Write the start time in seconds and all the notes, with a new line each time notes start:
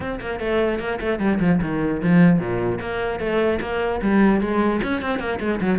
0.00 C4
0.20 A#3
0.39 A3
0.79 A#3
1.00 A3
1.19 G3
1.40 F3
1.61 D#3
2.02 F3
2.39 A#2
2.80 A#3
3.19 A3
3.61 A#3
4.01 G3
4.41 G#3
4.83 C#4
5.01 C4
5.19 A#3
5.39 G#3
5.60 F#3